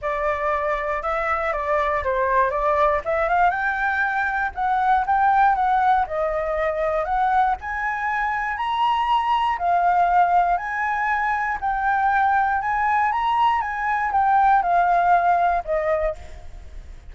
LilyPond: \new Staff \with { instrumentName = "flute" } { \time 4/4 \tempo 4 = 119 d''2 e''4 d''4 | c''4 d''4 e''8 f''8 g''4~ | g''4 fis''4 g''4 fis''4 | dis''2 fis''4 gis''4~ |
gis''4 ais''2 f''4~ | f''4 gis''2 g''4~ | g''4 gis''4 ais''4 gis''4 | g''4 f''2 dis''4 | }